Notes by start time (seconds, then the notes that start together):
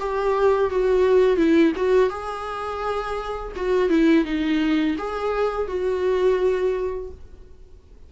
0.00 G4
0.71 F#4
1.37 E4
1.77 F#4
2.10 G#4
3.56 F#4
3.90 E4
4.25 D#4
4.98 G#4
5.68 F#4